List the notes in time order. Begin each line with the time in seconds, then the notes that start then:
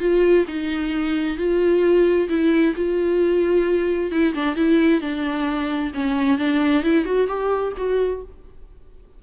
0.00 F4
0.48 D#4
1.38 F4
2.29 E4
2.76 F4
4.11 E4
4.34 D4
4.56 E4
5.01 D4
5.94 C#4
6.38 D4
6.84 E4
7.05 F#4
7.27 G4
7.77 F#4